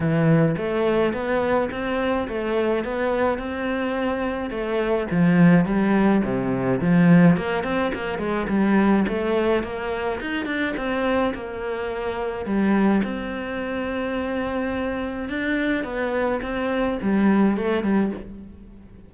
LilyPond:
\new Staff \with { instrumentName = "cello" } { \time 4/4 \tempo 4 = 106 e4 a4 b4 c'4 | a4 b4 c'2 | a4 f4 g4 c4 | f4 ais8 c'8 ais8 gis8 g4 |
a4 ais4 dis'8 d'8 c'4 | ais2 g4 c'4~ | c'2. d'4 | b4 c'4 g4 a8 g8 | }